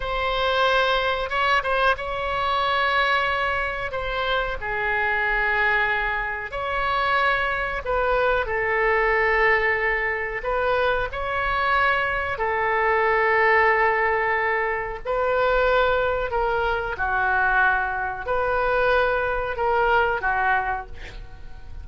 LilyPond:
\new Staff \with { instrumentName = "oboe" } { \time 4/4 \tempo 4 = 92 c''2 cis''8 c''8 cis''4~ | cis''2 c''4 gis'4~ | gis'2 cis''2 | b'4 a'2. |
b'4 cis''2 a'4~ | a'2. b'4~ | b'4 ais'4 fis'2 | b'2 ais'4 fis'4 | }